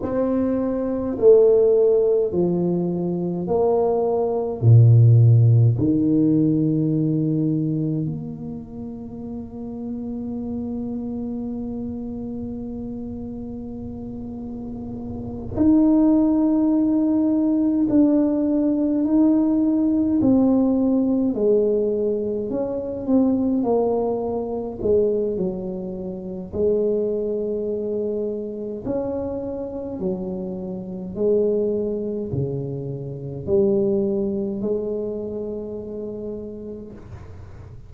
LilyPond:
\new Staff \with { instrumentName = "tuba" } { \time 4/4 \tempo 4 = 52 c'4 a4 f4 ais4 | ais,4 dis2 ais4~ | ais1~ | ais4. dis'2 d'8~ |
d'8 dis'4 c'4 gis4 cis'8 | c'8 ais4 gis8 fis4 gis4~ | gis4 cis'4 fis4 gis4 | cis4 g4 gis2 | }